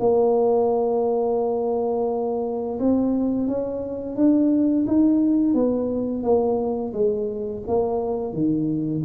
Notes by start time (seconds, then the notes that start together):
0.00 A#3
2.80 C4
3.48 C#4
4.16 D4
4.87 D#4
5.54 B3
6.23 A#3
6.94 G#3
7.67 A#3
8.33 D#3